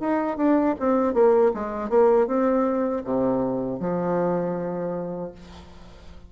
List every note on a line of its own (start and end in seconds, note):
0.00 0.37 D#4
0.37 0.75 D4
0.80 1.14 C4
1.14 1.52 A#3
1.54 1.90 G#3
1.90 2.27 A#3
2.27 3.03 C4
3.04 3.80 C3
3.80 5.32 F3